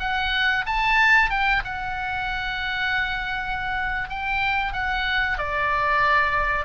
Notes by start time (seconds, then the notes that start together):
0.00 F#5
0.66 A5
1.30 G5
1.65 F#5
4.09 G5
4.73 F#5
5.38 D5